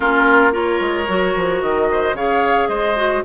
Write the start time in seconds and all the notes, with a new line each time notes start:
0.00 A#3 C#4 F4 A#4
0.51 F4 A#4 C#5
0.80 G#3
1.08 F#3 F#4
1.35 F3
1.61 D#3 D#5
1.91 C5
2.13 C#3 G#4 C#5 F5
2.68 G#3 C5 D#5
2.96 F#4